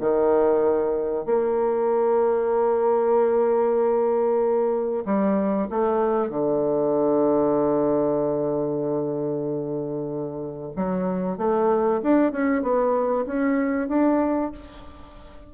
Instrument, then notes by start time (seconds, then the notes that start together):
bassoon
0.00 D#3
1.25 A#3
5.05 G3
5.70 A3
6.30 D3
10.76 F#3
11.38 A3
12.03 D4
12.32 C#4
12.63 B3
13.27 C#4
13.88 D4